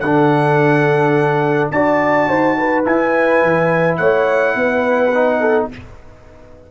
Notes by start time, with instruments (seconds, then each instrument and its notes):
0.00 tuba D3, trombone D4, horn A4, trumpet F#5
1.71 tuba D4, trombone F#4, horn D5, trumpet A5
2.29 tuba D#4, horn C5
2.58 horn B4
2.85 trombone E4, tuba E4, trumpet G#5
3.42 tuba E3
3.97 tuba A3, horn C#5, trumpet F#5
4.55 tuba B3, horn B4
5.15 trombone D#4
5.41 horn A4